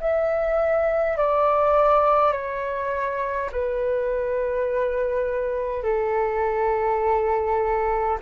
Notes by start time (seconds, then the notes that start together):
0.00 E5
1.17 D5
2.32 C#5
3.51 B4
5.83 A4